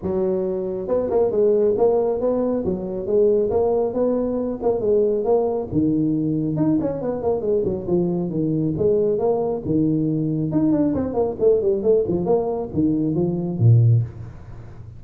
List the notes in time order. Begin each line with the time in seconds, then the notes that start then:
0.02 F#3
0.88 B3
1.10 A#3
1.31 G#3
1.77 A#3
2.20 B3
2.65 F#3
3.06 G#3
3.50 A#3
3.93 B3
4.62 A#3
4.80 G#3
5.24 A#3
5.72 D#3
6.56 D#4
6.80 C#4
7.01 B3
7.22 A#3
7.41 G#3
7.64 F#3
7.87 F3
8.30 D#3
8.77 G#3
9.18 A#3
9.65 D#3
10.51 D#4
10.72 D4
10.94 C4
11.13 A#3
11.39 A3
11.61 G3
11.82 A3
12.08 F3
12.25 A#3
12.73 D#3
13.14 F3
13.59 A#2